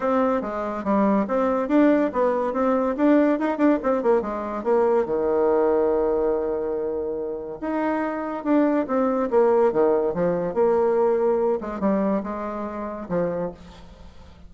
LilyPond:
\new Staff \with { instrumentName = "bassoon" } { \time 4/4 \tempo 4 = 142 c'4 gis4 g4 c'4 | d'4 b4 c'4 d'4 | dis'8 d'8 c'8 ais8 gis4 ais4 | dis1~ |
dis2 dis'2 | d'4 c'4 ais4 dis4 | f4 ais2~ ais8 gis8 | g4 gis2 f4 | }